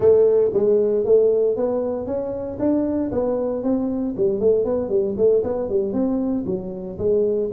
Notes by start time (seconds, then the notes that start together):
0.00 A3
0.53 G#3
1.05 A3
1.56 B3
2.06 C#4
2.59 D4
3.11 B3
3.63 C4
4.16 G3
4.39 A3
4.64 B3
4.89 G3
5.17 A3
5.43 B3
5.69 G3
5.92 C4
6.46 F#3
6.98 G#3